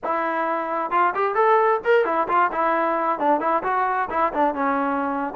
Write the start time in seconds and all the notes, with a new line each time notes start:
0.03 E4
0.90 F4
1.14 G4
1.35 A4
1.84 A#4
2.05 E4
2.28 F4
2.52 E4
3.19 D4
3.40 E4
3.63 F#4
4.10 E4
4.33 D4
4.54 C#4